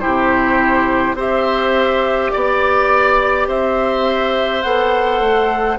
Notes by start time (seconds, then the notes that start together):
0.00 E4 G4 C5
0.06 C3
1.14 C4 G4 C5 E5
2.31 B3 D5
3.48 C4 C5 E5
4.62 B3 A4 F#5
5.20 A3